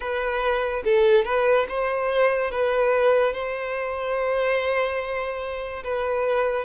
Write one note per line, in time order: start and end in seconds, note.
0.00 0.83 B4
0.84 1.25 A4
1.25 1.66 B4
1.69 2.51 C5
2.51 3.33 B4
3.33 5.83 C5
5.83 6.65 B4